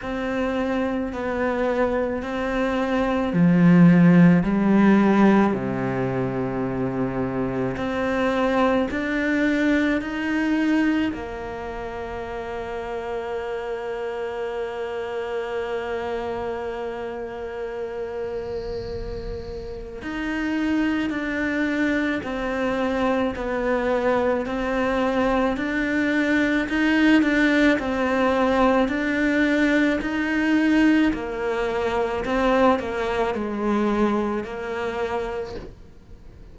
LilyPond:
\new Staff \with { instrumentName = "cello" } { \time 4/4 \tempo 4 = 54 c'4 b4 c'4 f4 | g4 c2 c'4 | d'4 dis'4 ais2~ | ais1~ |
ais2 dis'4 d'4 | c'4 b4 c'4 d'4 | dis'8 d'8 c'4 d'4 dis'4 | ais4 c'8 ais8 gis4 ais4 | }